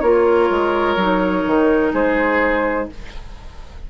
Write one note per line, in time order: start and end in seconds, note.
0.00 0.49 A#3
0.00 0.99 F4
0.00 1.92 A#4
0.00 1.90 C#5
0.50 0.96 G#3
0.96 1.44 F#3
0.96 2.90 D#4
1.46 1.93 D#3
1.93 2.88 G#3
1.93 2.88 G#4
1.93 2.89 C5